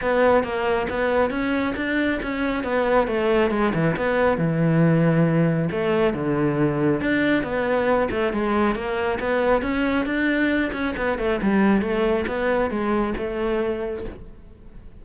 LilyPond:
\new Staff \with { instrumentName = "cello" } { \time 4/4 \tempo 4 = 137 b4 ais4 b4 cis'4 | d'4 cis'4 b4 a4 | gis8 e8 b4 e2~ | e4 a4 d2 |
d'4 b4. a8 gis4 | ais4 b4 cis'4 d'4~ | d'8 cis'8 b8 a8 g4 a4 | b4 gis4 a2 | }